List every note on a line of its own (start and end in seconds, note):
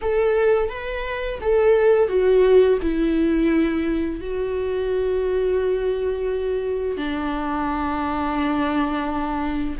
0.01 0.69 A4
0.69 1.39 B4
1.41 2.08 A4
2.08 2.78 F#4
2.82 4.20 E4
4.20 6.97 F#4
6.97 9.76 D4